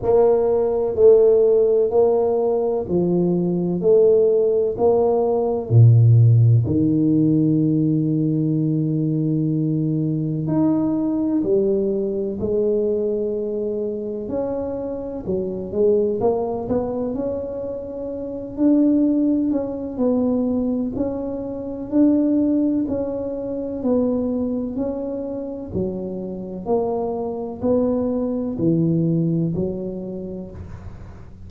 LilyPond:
\new Staff \with { instrumentName = "tuba" } { \time 4/4 \tempo 4 = 63 ais4 a4 ais4 f4 | a4 ais4 ais,4 dis4~ | dis2. dis'4 | g4 gis2 cis'4 |
fis8 gis8 ais8 b8 cis'4. d'8~ | d'8 cis'8 b4 cis'4 d'4 | cis'4 b4 cis'4 fis4 | ais4 b4 e4 fis4 | }